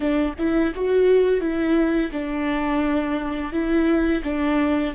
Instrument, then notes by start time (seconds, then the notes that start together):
viola
0.00 D4
0.38 E4
0.74 F#4
1.40 E4
2.12 D4
3.52 E4
4.23 D4